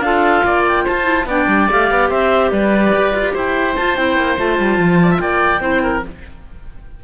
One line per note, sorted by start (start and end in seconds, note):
0.00 0.41 D4
0.00 1.03 F4
0.00 0.46 A4
0.00 0.63 F5
0.45 0.86 A#3
0.45 0.85 D5
0.68 0.87 G5
0.85 1.26 F4
0.85 1.26 C5
0.85 1.28 A5
1.03 1.23 E4
1.26 1.47 B3
1.26 1.70 D4
1.26 2.10 D5
1.26 1.71 G5
1.48 1.68 G3
1.70 1.91 A3
1.70 3.76 G4
1.70 2.10 F5
1.91 2.11 B3
2.10 2.52 C4
2.10 2.51 C5
2.10 2.51 E5
2.51 2.93 G3
2.51 3.34 B4
2.51 3.34 D5
2.94 3.14 G4
3.14 3.35 F4
3.34 3.77 E4
3.34 4.99 C5
3.34 3.77 G5
3.77 3.97 F4
3.77 3.98 F4
3.77 3.96 A5
3.96 4.18 C4
3.96 4.38 E4
3.96 4.37 G5
4.18 4.38 A#3
4.38 4.59 A3
4.38 5.60 F4
4.38 5.20 A5
4.59 4.78 G3
4.78 5.20 F3
5.03 5.11 D5
5.11 5.21 E5
5.20 5.61 A#3
5.20 5.62 D5
5.20 6.03 G5
5.60 6.02 C4
5.60 6.01 E4
5.60 5.82 C5
5.84 6.04 A#4